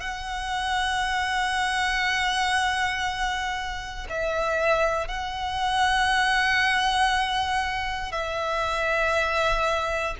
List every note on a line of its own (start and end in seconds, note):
0.00 4.07 F#5
4.09 5.08 E5
5.08 8.12 F#5
8.12 10.15 E5